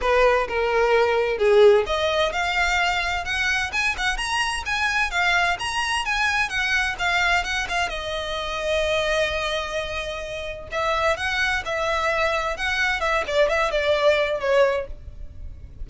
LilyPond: \new Staff \with { instrumentName = "violin" } { \time 4/4 \tempo 4 = 129 b'4 ais'2 gis'4 | dis''4 f''2 fis''4 | gis''8 fis''8 ais''4 gis''4 f''4 | ais''4 gis''4 fis''4 f''4 |
fis''8 f''8 dis''2.~ | dis''2. e''4 | fis''4 e''2 fis''4 | e''8 d''8 e''8 d''4. cis''4 | }